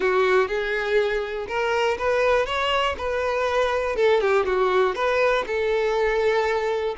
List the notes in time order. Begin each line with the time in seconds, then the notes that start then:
0.00 F#4
0.47 G#4
1.47 A#4
1.98 B4
2.46 C#5
2.97 B4
3.96 A4
4.21 G4
4.45 F#4
4.95 B4
5.47 A4